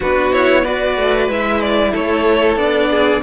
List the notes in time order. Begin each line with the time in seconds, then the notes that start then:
0.00 B3 D4 F#4 B4
0.31 E4 C#5
0.61 F#4 B4 D5
0.97 A3
1.28 G#3 E4 E5
1.60 D5
1.92 A3 A4 C#5
2.56 B3 D4 D5
2.90 G#4